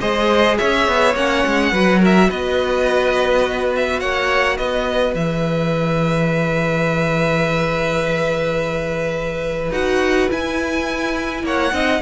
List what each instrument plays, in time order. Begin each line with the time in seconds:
0.00 cello G#3, viola G#4, violin C5 D#5
0.57 cello C#4, violin C#5 E5
0.87 cello B3
1.15 cello A#3, viola C#4, violin F#5
1.46 cello G#3
1.72 cello F#3, viola F#4, violin B4
1.99 violin A#4 E5
2.29 cello B3, violin B4 D#5
3.76 violin E5
4.00 cello A#3, violin C#5 F#5
4.57 cello B3, violin B4 D#5
5.14 cello E3, viola G#4, violin E5
9.71 cello D#4, viola F#4, violin F#5
10.29 viola E4, cello E4, violin G#5
11.43 cello A#3, violin C#5 F#5
11.72 cello C4, viola D#4, violin D#5